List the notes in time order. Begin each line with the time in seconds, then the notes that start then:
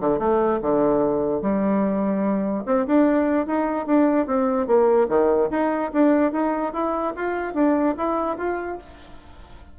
0.00 D3
0.19 A3
0.61 D3
1.42 G3
2.65 C4
2.86 D4
3.46 D#4
3.86 D4
4.26 C4
4.67 A#3
5.08 D#3
5.50 D#4
5.93 D4
6.32 D#4
6.73 E4
7.15 F4
7.54 D4
7.97 E4
8.37 F4